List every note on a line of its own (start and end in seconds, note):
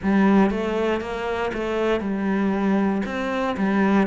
0.02 0.50 G3
0.50 1.00 A3
1.00 1.51 A#3
1.53 2.00 A3
2.00 3.02 G3
3.05 3.56 C4
3.57 4.07 G3